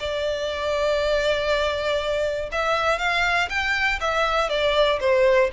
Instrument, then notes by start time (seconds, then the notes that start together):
violin
0.00 D5
2.52 E5
2.99 F5
3.50 G5
4.01 E5
4.50 D5
5.00 C5